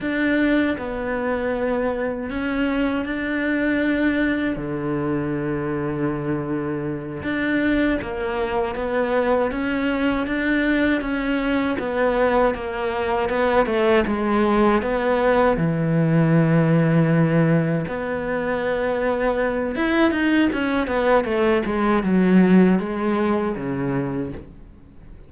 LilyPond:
\new Staff \with { instrumentName = "cello" } { \time 4/4 \tempo 4 = 79 d'4 b2 cis'4 | d'2 d2~ | d4. d'4 ais4 b8~ | b8 cis'4 d'4 cis'4 b8~ |
b8 ais4 b8 a8 gis4 b8~ | b8 e2. b8~ | b2 e'8 dis'8 cis'8 b8 | a8 gis8 fis4 gis4 cis4 | }